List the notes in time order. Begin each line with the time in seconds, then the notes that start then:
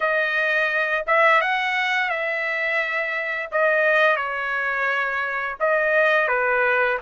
0.00 D#5
1.07 E5
1.41 F#5
2.09 E5
3.51 D#5
4.16 C#5
5.59 D#5
6.28 B4